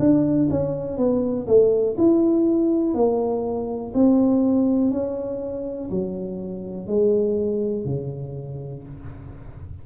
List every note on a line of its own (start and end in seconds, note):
0.00 0.49 D4
0.51 0.98 C#4
0.98 1.47 B3
1.47 1.96 A3
1.98 2.95 E4
2.95 3.93 A#3
3.95 4.91 C4
4.91 5.90 C#4
5.91 6.87 F#3
6.87 7.86 G#3
7.86 8.84 C#3